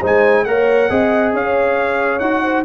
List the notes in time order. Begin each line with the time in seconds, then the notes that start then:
0.00 G#3 D#4 C5 G#5
0.44 A#3 A#4 C#5 F#5
0.89 C4 G#4 D#5
1.33 C#4 C#5 F5
2.19 D#4 F#4 F#5
2.42 C5